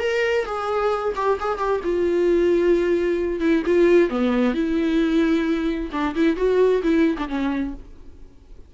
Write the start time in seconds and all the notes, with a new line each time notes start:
0.00 A#4
0.45 G#4
1.16 G4
1.40 G#4
1.58 G4
1.84 F4
3.40 E4
3.66 F4
4.10 B3
4.54 E4
5.92 D4
6.15 E4
6.37 F#4
6.83 E4
7.18 D4
7.29 C#4